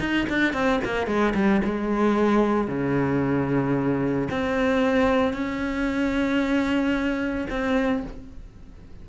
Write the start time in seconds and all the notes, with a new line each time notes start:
0.00 D#4
0.29 D4
0.54 C4
0.84 A#3
1.07 G#3
1.35 G3
1.65 G#3
2.68 C#3
4.31 C4
5.33 C#4
7.50 C4